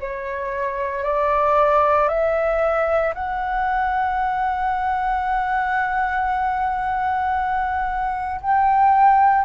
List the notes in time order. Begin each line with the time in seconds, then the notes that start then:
0.00 C#5
1.04 D5
2.09 E5
3.14 F#5
8.41 G5